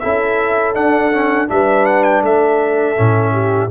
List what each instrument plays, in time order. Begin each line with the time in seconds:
0.00 tuba C#4, trombone E4, horn A4, trumpet E5
0.75 trombone D4, tuba D4, trumpet F#5
1.12 trombone C#4
1.48 tuba G3, trombone D4, horn B4, trumpet E5
1.86 trumpet F#5
2.04 trumpet G5
2.22 tuba A3, horn A4, trumpet E5
2.96 tuba A2, trombone C#4
3.33 horn G4